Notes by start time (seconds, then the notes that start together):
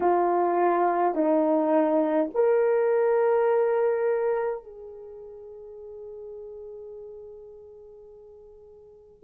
0.00 F4
1.14 D#4
2.34 A#4
4.63 G#4